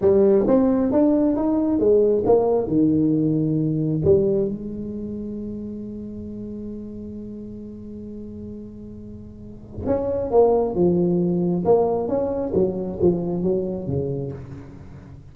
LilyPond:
\new Staff \with { instrumentName = "tuba" } { \time 4/4 \tempo 4 = 134 g4 c'4 d'4 dis'4 | gis4 ais4 dis2~ | dis4 g4 gis2~ | gis1~ |
gis1~ | gis2 cis'4 ais4 | f2 ais4 cis'4 | fis4 f4 fis4 cis4 | }